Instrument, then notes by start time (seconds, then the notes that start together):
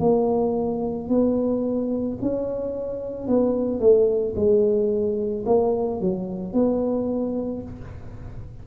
tuba
0.00 A#3
1.09 B3
2.22 C#4
3.28 B3
3.80 A3
4.36 G#3
5.46 A#3
6.01 F#3
6.53 B3